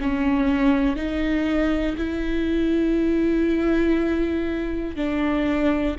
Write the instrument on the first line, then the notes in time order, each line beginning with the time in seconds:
viola
0.00 C#4
0.95 D#4
1.97 E4
4.96 D4